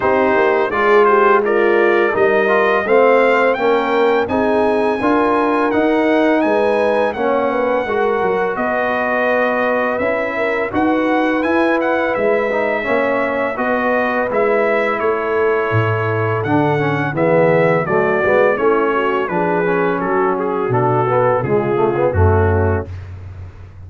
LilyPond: <<
  \new Staff \with { instrumentName = "trumpet" } { \time 4/4 \tempo 4 = 84 c''4 d''8 c''8 d''4 dis''4 | f''4 g''4 gis''2 | fis''4 gis''4 fis''2 | dis''2 e''4 fis''4 |
gis''8 fis''8 e''2 dis''4 | e''4 cis''2 fis''4 | e''4 d''4 cis''4 b'4 | a'8 gis'8 a'4 gis'4 fis'4 | }
  \new Staff \with { instrumentName = "horn" } { \time 4/4 g'4 gis'8 g'8 f'4 ais'4 | c''4 ais'4 gis'4 ais'4~ | ais'4 b'4 cis''8 b'8 ais'4 | b'2~ b'8 ais'8 b'4~ |
b'2 cis''4 b'4~ | b'4 a'2. | gis'4 fis'4 e'8 fis'8 gis'4 | fis'2 f'4 cis'4 | }
  \new Staff \with { instrumentName = "trombone" } { \time 4/4 dis'4 f'4 ais'4 dis'8 f'8 | c'4 cis'4 dis'4 f'4 | dis'2 cis'4 fis'4~ | fis'2 e'4 fis'4 |
e'4. dis'8 cis'4 fis'4 | e'2. d'8 cis'8 | b4 a8 b8 cis'4 d'8 cis'8~ | cis'4 d'8 b8 gis8 a16 b16 a4 | }
  \new Staff \with { instrumentName = "tuba" } { \time 4/4 c'8 ais8 gis2 g4 | a4 ais4 c'4 d'4 | dis'4 gis4 ais4 gis8 fis8 | b2 cis'4 dis'4 |
e'4 gis4 ais4 b4 | gis4 a4 a,4 d4 | e4 fis8 gis8 a4 f4 | fis4 b,4 cis4 fis,4 | }
>>